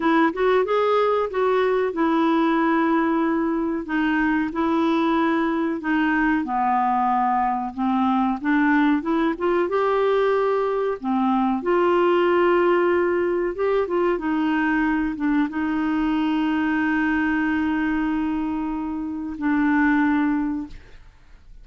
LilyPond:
\new Staff \with { instrumentName = "clarinet" } { \time 4/4 \tempo 4 = 93 e'8 fis'8 gis'4 fis'4 e'4~ | e'2 dis'4 e'4~ | e'4 dis'4 b2 | c'4 d'4 e'8 f'8 g'4~ |
g'4 c'4 f'2~ | f'4 g'8 f'8 dis'4. d'8 | dis'1~ | dis'2 d'2 | }